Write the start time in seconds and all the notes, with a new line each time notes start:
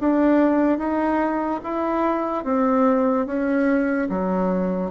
0.00 D4
0.78 D#4
1.64 E4
2.45 C4
3.26 C#4
4.10 F#3